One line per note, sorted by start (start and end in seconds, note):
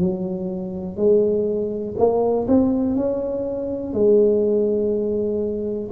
0.00 0.97 F#3
0.97 1.95 G#3
1.98 2.47 A#3
2.48 2.96 C4
2.96 3.93 C#4
3.93 5.90 G#3